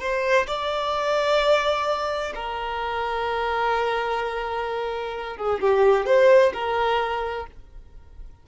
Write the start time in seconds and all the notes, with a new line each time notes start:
0.00 C5
0.47 D5
2.35 A#4
5.37 G#4
5.60 G4
6.06 C5
6.53 A#4